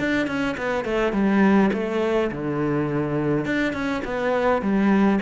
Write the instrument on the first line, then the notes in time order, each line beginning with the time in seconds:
cello
0.00 D4
0.28 C#4
0.58 B3
0.85 A3
1.13 G3
1.73 A3
2.32 D3
3.46 D4
3.73 C#4
4.05 B3
4.62 G3